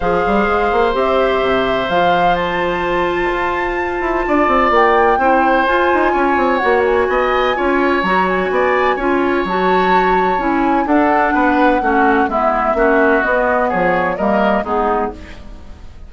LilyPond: <<
  \new Staff \with { instrumentName = "flute" } { \time 4/4 \tempo 4 = 127 f''2 e''2 | f''4 a''2.~ | a''2 g''2 | gis''2 fis''8 gis''4.~ |
gis''4 ais''8 gis''2~ gis''8 | a''2 gis''4 fis''4~ | fis''2 e''2 | dis''4 cis''4 dis''4 gis'4 | }
  \new Staff \with { instrumentName = "oboe" } { \time 4/4 c''1~ | c''1~ | c''4 d''2 c''4~ | c''4 cis''2 dis''4 |
cis''2 d''4 cis''4~ | cis''2. a'4 | b'4 fis'4 e'4 fis'4~ | fis'4 gis'4 ais'4 dis'4 | }
  \new Staff \with { instrumentName = "clarinet" } { \time 4/4 gis'2 g'2 | f'1~ | f'2. e'4 | f'2 fis'2 |
f'4 fis'2 f'4 | fis'2 e'4 d'4~ | d'4 cis'4 b4 cis'4 | b2 ais4 b4 | }
  \new Staff \with { instrumentName = "bassoon" } { \time 4/4 f8 g8 gis8 ais8 c'4 c4 | f2. f'4~ | f'8 e'8 d'8 c'8 ais4 c'4 | f'8 dis'8 cis'8 c'8 ais4 b4 |
cis'4 fis4 b4 cis'4 | fis2 cis'4 d'4 | b4 a4 gis4 ais4 | b4 f4 g4 gis4 | }
>>